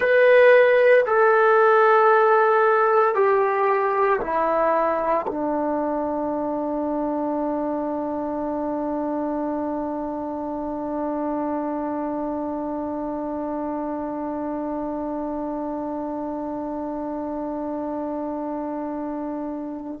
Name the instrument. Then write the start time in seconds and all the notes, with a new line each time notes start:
trombone
0.00 B4
1.06 A4
3.14 G4
4.20 E4
5.27 D4